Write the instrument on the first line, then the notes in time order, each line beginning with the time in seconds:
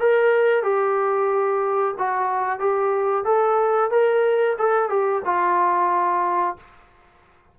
trombone
0.00 A#4
0.63 G4
1.99 F#4
2.60 G4
3.25 A4
3.91 A#4
4.59 A4
4.90 G4
5.25 F4